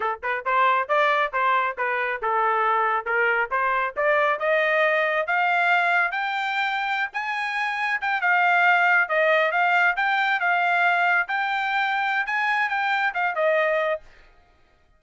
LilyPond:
\new Staff \with { instrumentName = "trumpet" } { \time 4/4 \tempo 4 = 137 a'8 b'8 c''4 d''4 c''4 | b'4 a'2 ais'4 | c''4 d''4 dis''2 | f''2 g''2~ |
g''16 gis''2 g''8 f''4~ f''16~ | f''8. dis''4 f''4 g''4 f''16~ | f''4.~ f''16 g''2~ g''16 | gis''4 g''4 f''8 dis''4. | }